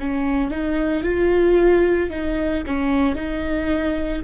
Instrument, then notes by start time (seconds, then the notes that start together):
viola
0.00 C#4
0.51 D#4
1.04 F4
2.11 D#4
2.67 C#4
3.16 D#4